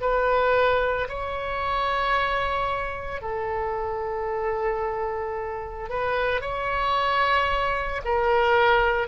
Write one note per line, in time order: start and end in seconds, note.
0.00 1.07 B4
1.08 3.21 C#5
3.21 5.89 A4
5.89 6.40 B4
6.40 8.01 C#5
8.04 9.07 A#4